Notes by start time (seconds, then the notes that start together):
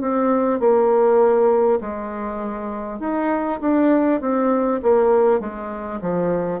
0.00 C4
0.59 A#3
1.80 G#3
2.99 D#4
3.61 D4
4.21 C4
4.82 A#3
5.39 G#3
6.01 F3